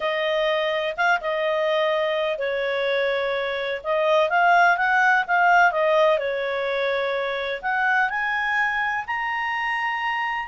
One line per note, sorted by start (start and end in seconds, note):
0.00 0.95 D#5
0.96 1.20 F5
1.20 2.38 D#5
2.38 3.81 C#5
3.83 4.29 D#5
4.29 4.77 F5
4.77 5.24 F#5
5.27 5.71 F5
5.71 6.18 D#5
6.18 7.61 C#5
7.62 8.09 F#5
8.09 9.04 G#5
9.06 10.47 A#5